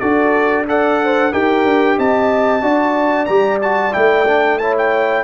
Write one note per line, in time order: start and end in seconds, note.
0.00 1.32 D4
0.00 0.67 F#4
0.00 0.66 A4
0.00 0.65 D5
0.67 1.32 A4
0.67 1.03 D5
0.67 1.33 F#5
1.04 1.32 C5
1.32 1.64 D#4
1.32 2.62 G4
1.32 1.97 A#4
1.32 1.99 G5
1.64 1.97 D4
1.98 2.62 C4
1.98 2.63 D#5
1.98 3.26 A5
2.62 3.27 D4
2.62 3.27 F#4
2.62 4.59 D5
3.26 3.94 G3
3.26 3.61 G4
3.26 3.58 A#5
3.62 3.92 F#4
3.62 3.94 A5
3.92 5.24 A3
3.92 4.25 E4
3.92 4.58 G5
4.27 4.60 D4
4.58 5.24 E4
4.58 5.24 C#5
4.58 4.75 A5
4.78 5.24 G5